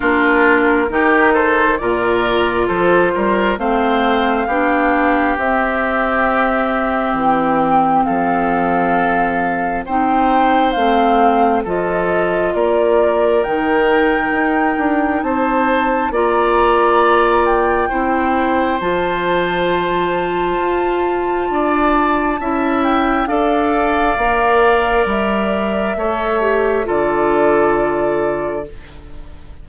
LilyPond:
<<
  \new Staff \with { instrumentName = "flute" } { \time 4/4 \tempo 4 = 67 ais'4. c''8 d''4 c''4 | f''2 e''2 | g''4 f''2 g''4 | f''4 dis''4 d''4 g''4~ |
g''4 a''4 ais''4. g''8~ | g''4 a''2.~ | a''4. g''8 f''2 | e''2 d''2 | }
  \new Staff \with { instrumentName = "oboe" } { \time 4/4 f'4 g'8 a'8 ais'4 a'8 ais'8 | c''4 g'2.~ | g'4 a'2 c''4~ | c''4 a'4 ais'2~ |
ais'4 c''4 d''2 | c''1 | d''4 e''4 d''2~ | d''4 cis''4 a'2 | }
  \new Staff \with { instrumentName = "clarinet" } { \time 4/4 d'4 dis'4 f'2 | c'4 d'4 c'2~ | c'2. dis'4 | c'4 f'2 dis'4~ |
dis'2 f'2 | e'4 f'2.~ | f'4 e'4 a'4 ais'4~ | ais'4 a'8 g'8 f'2 | }
  \new Staff \with { instrumentName = "bassoon" } { \time 4/4 ais4 dis4 ais,4 f8 g8 | a4 b4 c'2 | e4 f2 c'4 | a4 f4 ais4 dis4 |
dis'8 d'8 c'4 ais2 | c'4 f2 f'4 | d'4 cis'4 d'4 ais4 | g4 a4 d2 | }
>>